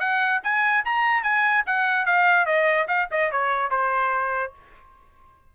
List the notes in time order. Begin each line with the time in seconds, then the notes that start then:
0.00 F#5
0.44 G#5
0.85 A#5
1.23 G#5
1.66 F#5
2.06 F5
2.46 D#5
2.88 F5
3.11 D#5
3.32 C#5
3.71 C5